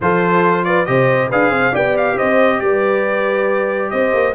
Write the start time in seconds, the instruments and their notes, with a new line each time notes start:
0.00 tuba F3, trombone F4, horn A4, trumpet C5
0.64 horn B4, trumpet D5
0.85 tuba C3, trombone G4, horn C5, trumpet D#5
1.29 tuba D4, trombone G#4, horn B4, trumpet F5
1.50 tuba C4, horn C5
1.71 tuba B3, trombone G4, horn D5, trumpet G5
1.97 trumpet F5
2.15 tuba C4, horn C5, trumpet D#5
2.60 tuba G3, horn B4, trumpet D5
3.90 tuba C4, horn C5, trumpet D#5
4.13 tuba A#3